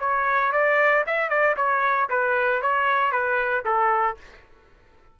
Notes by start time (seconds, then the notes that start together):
0.00 C#5
0.52 D5
1.07 E5
1.30 D5
1.57 C#5
2.10 B4
2.62 C#5
3.12 B4
3.65 A4